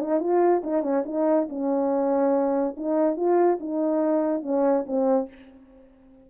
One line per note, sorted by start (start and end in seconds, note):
0.00 0.20 D#4
0.20 0.62 F4
0.64 0.82 D#4
0.82 1.03 C#4
1.05 1.48 D#4
1.49 2.76 C#4
2.77 3.16 D#4
3.16 3.58 F4
3.60 4.42 D#4
4.42 4.85 C#4
4.86 5.28 C4